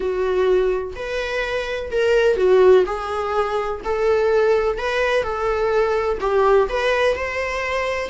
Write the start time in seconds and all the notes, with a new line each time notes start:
0.00 F#4
0.95 B4
1.91 A#4
2.36 F#4
2.85 G#4
3.84 A4
4.78 B4
5.23 A4
6.20 G4
6.69 B4
7.15 C5